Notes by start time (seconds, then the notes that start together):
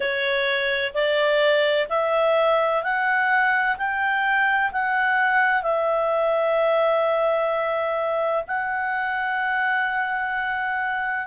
0.00 C#5
0.94 D5
1.89 E5
2.83 F#5
3.77 G5
4.71 F#5
5.62 E5
8.47 F#5